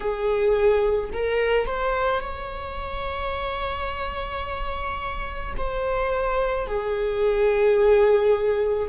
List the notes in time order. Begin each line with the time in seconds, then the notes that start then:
0.00 G#4
1.13 A#4
1.66 C5
2.20 C#5
5.57 C5
6.66 G#4